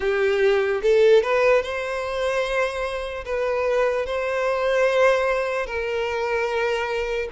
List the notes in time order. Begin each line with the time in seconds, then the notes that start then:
0.00 G4
0.82 A4
1.22 B4
1.62 C5
3.25 B4
4.06 C5
5.66 A#4